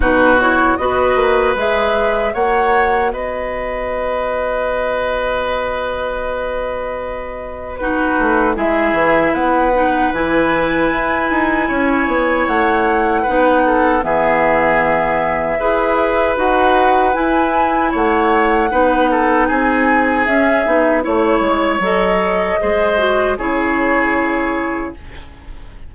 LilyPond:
<<
  \new Staff \with { instrumentName = "flute" } { \time 4/4 \tempo 4 = 77 b'8 cis''8 dis''4 e''4 fis''4 | dis''1~ | dis''2 b'4 e''4 | fis''4 gis''2. |
fis''2 e''2~ | e''4 fis''4 gis''4 fis''4~ | fis''4 gis''4 e''4 cis''4 | dis''2 cis''2 | }
  \new Staff \with { instrumentName = "oboe" } { \time 4/4 fis'4 b'2 cis''4 | b'1~ | b'2 fis'4 gis'4 | b'2. cis''4~ |
cis''4 b'8 a'8 gis'2 | b'2. cis''4 | b'8 a'8 gis'2 cis''4~ | cis''4 c''4 gis'2 | }
  \new Staff \with { instrumentName = "clarinet" } { \time 4/4 dis'8 e'8 fis'4 gis'4 fis'4~ | fis'1~ | fis'2 dis'4 e'4~ | e'8 dis'8 e'2.~ |
e'4 dis'4 b2 | gis'4 fis'4 e'2 | dis'2 cis'8 dis'8 e'4 | a'4 gis'8 fis'8 e'2 | }
  \new Staff \with { instrumentName = "bassoon" } { \time 4/4 b,4 b8 ais8 gis4 ais4 | b1~ | b2~ b8 a8 gis8 e8 | b4 e4 e'8 dis'8 cis'8 b8 |
a4 b4 e2 | e'4 dis'4 e'4 a4 | b4 c'4 cis'8 b8 a8 gis8 | fis4 gis4 cis2 | }
>>